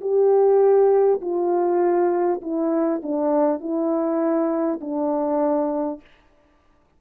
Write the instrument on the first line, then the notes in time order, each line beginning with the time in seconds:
horn
0.00 G4
1.21 F4
2.41 E4
3.03 D4
3.59 E4
4.80 D4